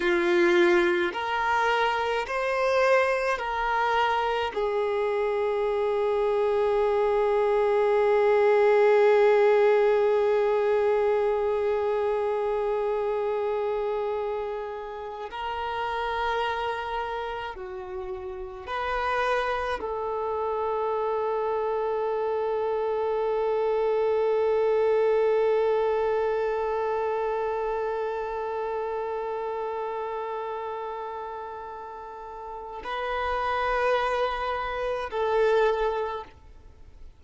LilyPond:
\new Staff \with { instrumentName = "violin" } { \time 4/4 \tempo 4 = 53 f'4 ais'4 c''4 ais'4 | gis'1~ | gis'1~ | gis'4. ais'2 fis'8~ |
fis'8 b'4 a'2~ a'8~ | a'1~ | a'1~ | a'4 b'2 a'4 | }